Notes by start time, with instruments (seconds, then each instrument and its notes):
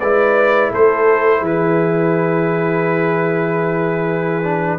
0.00 tuba G#3, trombone E4, horn B4, trumpet D5
0.71 tuba A3, horn A4, trumpet C5
1.39 tuba E3, horn G#4
1.46 trumpet B4
4.44 trombone D4